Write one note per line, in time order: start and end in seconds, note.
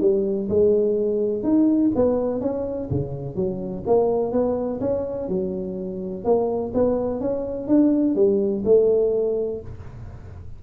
0.00 0.48 G3
0.49 1.43 G#3
1.43 1.91 D#4
1.95 2.40 B3
2.40 2.88 C#4
2.90 3.36 C#3
3.36 3.84 F#3
3.86 4.32 A#3
4.32 4.80 B3
4.80 5.28 C#4
5.28 6.24 F#3
6.24 6.72 A#3
6.74 7.20 B3
7.20 7.67 C#4
7.67 8.15 D4
8.15 8.63 G3
8.64 9.60 A3